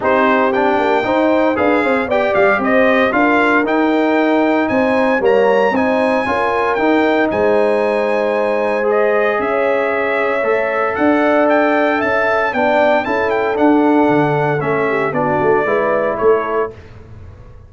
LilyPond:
<<
  \new Staff \with { instrumentName = "trumpet" } { \time 4/4 \tempo 4 = 115 c''4 g''2 f''4 | g''8 f''8 dis''4 f''4 g''4~ | g''4 gis''4 ais''4 gis''4~ | gis''4 g''4 gis''2~ |
gis''4 dis''4 e''2~ | e''4 fis''4 g''4 a''4 | g''4 a''8 g''8 fis''2 | e''4 d''2 cis''4 | }
  \new Staff \with { instrumentName = "horn" } { \time 4/4 g'2 c''4 b'8 c''8 | d''4 c''4 ais'2~ | ais'4 c''4 cis''4 c''4 | ais'2 c''2~ |
c''2 cis''2~ | cis''4 d''2 e''4 | d''4 a'2.~ | a'8 g'8 fis'4 b'4 a'4 | }
  \new Staff \with { instrumentName = "trombone" } { \time 4/4 dis'4 d'4 dis'4 gis'4 | g'2 f'4 dis'4~ | dis'2 ais4 dis'4 | f'4 dis'2.~ |
dis'4 gis'2. | a'1 | d'4 e'4 d'2 | cis'4 d'4 e'2 | }
  \new Staff \with { instrumentName = "tuba" } { \time 4/4 c'4. ais8 dis'4 d'8 c'8 | b8 g8 c'4 d'4 dis'4~ | dis'4 c'4 g4 c'4 | cis'4 dis'4 gis2~ |
gis2 cis'2 | a4 d'2 cis'4 | b4 cis'4 d'4 d4 | a4 b8 a8 gis4 a4 | }
>>